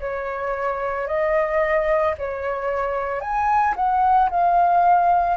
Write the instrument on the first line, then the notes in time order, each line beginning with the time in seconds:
flute
0.00 C#5
1.08 D#5
2.18 C#5
3.21 G#5
3.76 F#5
4.30 F5